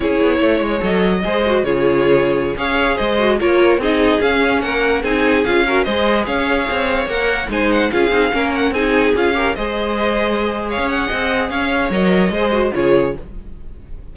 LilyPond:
<<
  \new Staff \with { instrumentName = "violin" } { \time 4/4 \tempo 4 = 146 cis''2 dis''2 | cis''2~ cis''16 f''4 dis''8.~ | dis''16 cis''4 dis''4 f''4 fis''8.~ | fis''16 gis''4 f''4 dis''4 f''8.~ |
f''4~ f''16 fis''4 gis''8 fis''8 f''8.~ | f''8. fis''8 gis''4 f''4 dis''8.~ | dis''2 f''8 fis''4. | f''4 dis''2 cis''4 | }
  \new Staff \with { instrumentName = "violin" } { \time 4/4 gis'4 cis''2 c''4 | gis'2~ gis'16 cis''4 c''8.~ | c''16 ais'4 gis'2 ais'8.~ | ais'16 gis'4. ais'8 c''4 cis''8.~ |
cis''2~ cis''16 c''4 gis'8.~ | gis'16 ais'4 gis'4. ais'8 c''8.~ | c''2 cis''4 dis''4 | cis''2 c''4 gis'4 | }
  \new Staff \with { instrumentName = "viola" } { \time 4/4 e'2 a'4 gis'8 fis'8 | f'2~ f'16 gis'4. fis'16~ | fis'16 f'4 dis'4 cis'4.~ cis'16~ | cis'16 dis'4 f'8 fis'8 gis'4.~ gis'16~ |
gis'4~ gis'16 ais'4 dis'4 f'8 dis'16~ | dis'16 cis'4 dis'4 f'8 g'8 gis'8.~ | gis'1~ | gis'4 ais'4 gis'8 fis'8 f'4 | }
  \new Staff \with { instrumentName = "cello" } { \time 4/4 cis'8 b8 a8 gis8 fis4 gis4 | cis2~ cis16 cis'4 gis8.~ | gis16 ais4 c'4 cis'4 ais8.~ | ais16 c'4 cis'4 gis4 cis'8.~ |
cis'16 c'4 ais4 gis4 cis'8 c'16~ | c'16 ais4 c'4 cis'4 gis8.~ | gis2~ gis16 cis'8. c'4 | cis'4 fis4 gis4 cis4 | }
>>